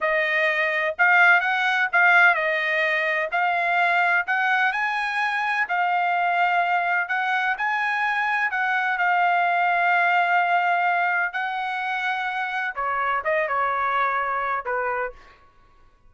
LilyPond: \new Staff \with { instrumentName = "trumpet" } { \time 4/4 \tempo 4 = 127 dis''2 f''4 fis''4 | f''4 dis''2 f''4~ | f''4 fis''4 gis''2 | f''2. fis''4 |
gis''2 fis''4 f''4~ | f''1 | fis''2. cis''4 | dis''8 cis''2~ cis''8 b'4 | }